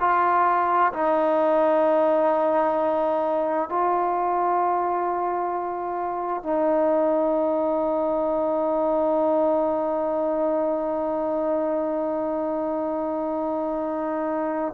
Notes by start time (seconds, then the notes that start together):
0.00 F4
0.93 D#4
3.70 F4
6.43 D#4